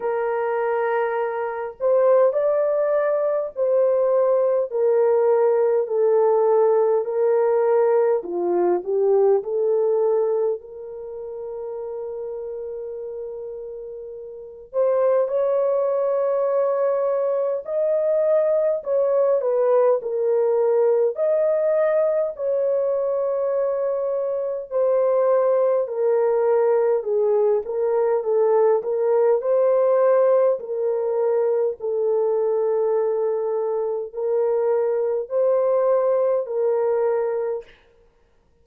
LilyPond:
\new Staff \with { instrumentName = "horn" } { \time 4/4 \tempo 4 = 51 ais'4. c''8 d''4 c''4 | ais'4 a'4 ais'4 f'8 g'8 | a'4 ais'2.~ | ais'8 c''8 cis''2 dis''4 |
cis''8 b'8 ais'4 dis''4 cis''4~ | cis''4 c''4 ais'4 gis'8 ais'8 | a'8 ais'8 c''4 ais'4 a'4~ | a'4 ais'4 c''4 ais'4 | }